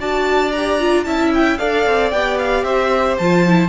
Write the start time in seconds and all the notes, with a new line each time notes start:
0.00 D4 F#4 D5 A5
0.52 G4 A#5
0.80 F4
1.05 C#4 E4 E5 A5
1.34 G5
1.59 D4 A4 D5 F5
1.87 C4
2.11 B3 G4 G5
2.38 F5
2.64 C4 C5 E5
3.18 F3 F4 A5
3.47 E4